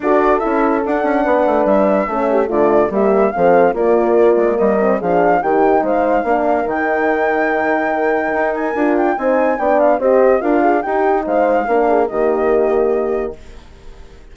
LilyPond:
<<
  \new Staff \with { instrumentName = "flute" } { \time 4/4 \tempo 4 = 144 d''4 e''4 fis''2 | e''2 d''4 e''4 | f''4 d''2 dis''4 | f''4 g''4 f''2 |
g''1~ | g''8 gis''4 g''8 gis''4 g''8 f''8 | dis''4 f''4 g''4 f''4~ | f''4 dis''2. | }
  \new Staff \with { instrumentName = "horn" } { \time 4/4 a'2. b'4~ | b'4 a'8 g'8 f'4 g'4 | a'4 f'2 ais'4 | gis'4 g'4 c''4 ais'4~ |
ais'1~ | ais'2 c''4 d''4 | c''4 ais'8 gis'8 g'4 c''4 | ais'8 gis'8 g'2. | }
  \new Staff \with { instrumentName = "horn" } { \time 4/4 fis'4 e'4 d'2~ | d'4 cis'4 a4 ais4 | c'4 ais2~ ais8 c'8 | d'4 dis'2 d'4 |
dis'1~ | dis'4 f'4 dis'4 d'4 | g'4 f'4 dis'2 | d'4 ais2. | }
  \new Staff \with { instrumentName = "bassoon" } { \time 4/4 d'4 cis'4 d'8 cis'8 b8 a8 | g4 a4 d4 g4 | f4 ais4. gis8 g4 | f4 dis4 gis4 ais4 |
dis1 | dis'4 d'4 c'4 b4 | c'4 d'4 dis'4 gis4 | ais4 dis2. | }
>>